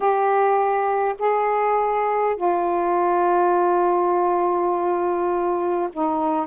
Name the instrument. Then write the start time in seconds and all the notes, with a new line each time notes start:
saxophone
0.00 G4
1.18 G#4
2.36 F4
5.92 D#4